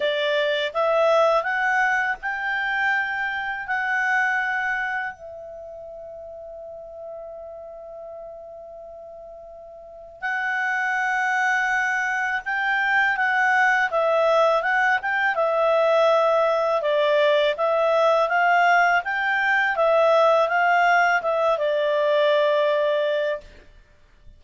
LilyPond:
\new Staff \with { instrumentName = "clarinet" } { \time 4/4 \tempo 4 = 82 d''4 e''4 fis''4 g''4~ | g''4 fis''2 e''4~ | e''1~ | e''2 fis''2~ |
fis''4 g''4 fis''4 e''4 | fis''8 g''8 e''2 d''4 | e''4 f''4 g''4 e''4 | f''4 e''8 d''2~ d''8 | }